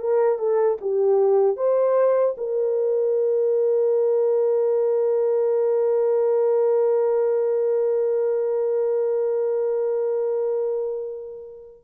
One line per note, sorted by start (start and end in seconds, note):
0.00 0.38 A#4
0.38 0.78 A4
0.81 1.56 G4
1.56 2.35 C5
2.38 11.84 A#4